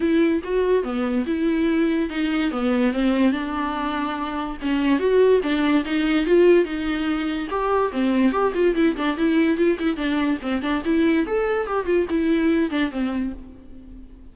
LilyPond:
\new Staff \with { instrumentName = "viola" } { \time 4/4 \tempo 4 = 144 e'4 fis'4 b4 e'4~ | e'4 dis'4 b4 c'4 | d'2. cis'4 | fis'4 d'4 dis'4 f'4 |
dis'2 g'4 c'4 | g'8 f'8 e'8 d'8 e'4 f'8 e'8 | d'4 c'8 d'8 e'4 a'4 | g'8 f'8 e'4. d'8 c'4 | }